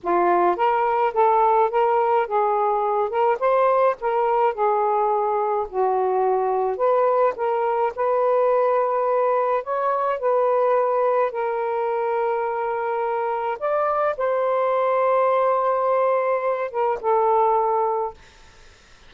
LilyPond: \new Staff \with { instrumentName = "saxophone" } { \time 4/4 \tempo 4 = 106 f'4 ais'4 a'4 ais'4 | gis'4. ais'8 c''4 ais'4 | gis'2 fis'2 | b'4 ais'4 b'2~ |
b'4 cis''4 b'2 | ais'1 | d''4 c''2.~ | c''4. ais'8 a'2 | }